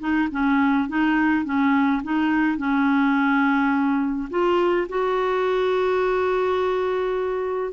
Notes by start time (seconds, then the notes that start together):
0.00 D#4
0.31 C#4
0.89 D#4
1.45 C#4
2.04 D#4
2.58 C#4
4.30 F4
4.89 F#4